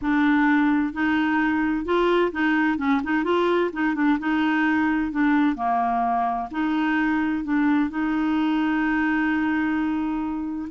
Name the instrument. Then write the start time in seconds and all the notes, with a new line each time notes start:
clarinet
0.01 D4
0.93 D#4
1.85 F4
2.32 D#4
2.78 C#4
3.03 D#4
3.24 F4
3.72 D#4
3.95 D4
4.19 D#4
5.11 D4
5.55 A#3
6.51 D#4
7.44 D4
7.90 D#4